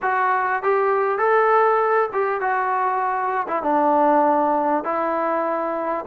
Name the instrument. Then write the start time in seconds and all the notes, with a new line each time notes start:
trombone
0.02 F#4
0.62 G4
1.18 A4
2.12 G4
2.40 F#4
3.48 E4
3.62 D4
4.83 E4